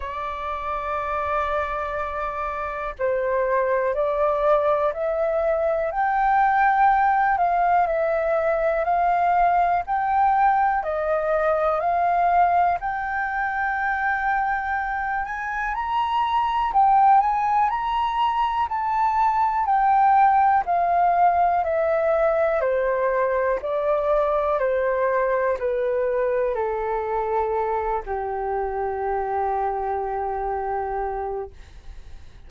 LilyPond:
\new Staff \with { instrumentName = "flute" } { \time 4/4 \tempo 4 = 61 d''2. c''4 | d''4 e''4 g''4. f''8 | e''4 f''4 g''4 dis''4 | f''4 g''2~ g''8 gis''8 |
ais''4 g''8 gis''8 ais''4 a''4 | g''4 f''4 e''4 c''4 | d''4 c''4 b'4 a'4~ | a'8 g'2.~ g'8 | }